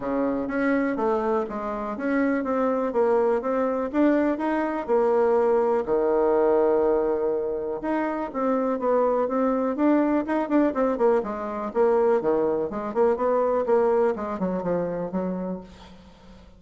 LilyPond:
\new Staff \with { instrumentName = "bassoon" } { \time 4/4 \tempo 4 = 123 cis4 cis'4 a4 gis4 | cis'4 c'4 ais4 c'4 | d'4 dis'4 ais2 | dis1 |
dis'4 c'4 b4 c'4 | d'4 dis'8 d'8 c'8 ais8 gis4 | ais4 dis4 gis8 ais8 b4 | ais4 gis8 fis8 f4 fis4 | }